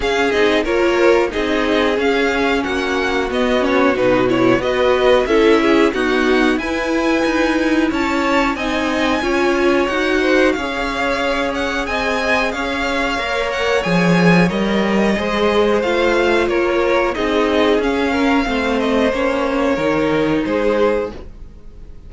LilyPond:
<<
  \new Staff \with { instrumentName = "violin" } { \time 4/4 \tempo 4 = 91 f''8 dis''8 cis''4 dis''4 f''4 | fis''4 dis''8 cis''8 b'8 cis''8 dis''4 | e''4 fis''4 gis''2 | a''4 gis''2 fis''4 |
f''4. fis''8 gis''4 f''4~ | f''8 fis''8 gis''4 dis''2 | f''4 cis''4 dis''4 f''4~ | f''8 dis''8 cis''2 c''4 | }
  \new Staff \with { instrumentName = "violin" } { \time 4/4 gis'4 ais'4 gis'2 | fis'2. b'4 | a'8 gis'8 fis'4 b'2 | cis''4 dis''4 cis''4. c''8 |
cis''2 dis''4 cis''4~ | cis''2. c''4~ | c''4 ais'4 gis'4. ais'8 | c''2 ais'4 gis'4 | }
  \new Staff \with { instrumentName = "viola" } { \time 4/4 cis'8 dis'8 f'4 dis'4 cis'4~ | cis'4 b8 cis'8 dis'8 e'8 fis'4 | e'4 b4 e'2~ | e'4 dis'4 f'4 fis'4 |
gis'1 | ais'4 gis'4 ais'4 gis'4 | f'2 dis'4 cis'4 | c'4 cis'4 dis'2 | }
  \new Staff \with { instrumentName = "cello" } { \time 4/4 cis'8 c'8 ais4 c'4 cis'4 | ais4 b4 b,4 b4 | cis'4 dis'4 e'4 dis'4 | cis'4 c'4 cis'4 dis'4 |
cis'2 c'4 cis'4 | ais4 f4 g4 gis4 | a4 ais4 c'4 cis'4 | a4 ais4 dis4 gis4 | }
>>